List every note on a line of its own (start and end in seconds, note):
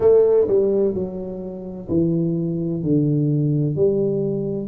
0.00 0.47 A3
0.47 0.94 G3
0.94 1.87 F#3
1.88 2.82 E3
2.83 3.75 D3
3.75 4.67 G3